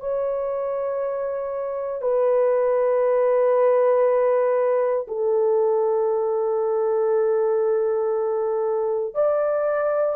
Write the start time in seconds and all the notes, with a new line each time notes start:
0.00 C#5
2.02 B4
5.08 A4
9.15 D5